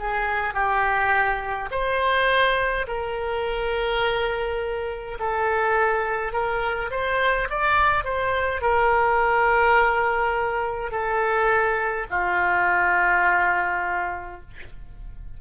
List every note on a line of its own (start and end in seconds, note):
0.00 0.55 G#4
0.55 1.70 G4
1.72 2.87 C5
2.88 5.19 A#4
5.20 6.33 A4
6.33 6.91 A#4
6.91 7.48 C5
7.51 8.05 D5
8.05 8.62 C5
8.62 10.92 A#4
10.92 12.07 A4
12.10 14.41 F4